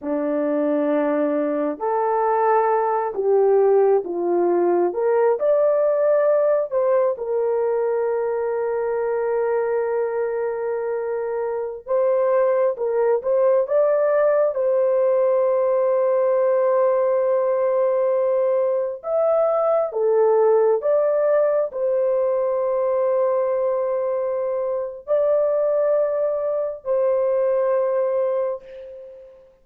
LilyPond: \new Staff \with { instrumentName = "horn" } { \time 4/4 \tempo 4 = 67 d'2 a'4. g'8~ | g'8 f'4 ais'8 d''4. c''8 | ais'1~ | ais'4~ ais'16 c''4 ais'8 c''8 d''8.~ |
d''16 c''2.~ c''8.~ | c''4~ c''16 e''4 a'4 d''8.~ | d''16 c''2.~ c''8. | d''2 c''2 | }